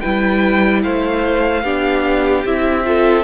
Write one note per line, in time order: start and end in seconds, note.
0.00 0.84 G3
0.00 1.65 E4
0.00 0.82 B4
0.00 0.81 G5
0.83 1.63 A3
0.83 1.63 C5
0.83 2.45 F5
1.63 2.44 B3
1.63 2.46 D4
1.63 2.85 G4
2.45 3.24 C4
2.45 2.85 E4
2.45 3.24 E5
2.85 3.24 F4
2.85 3.24 A4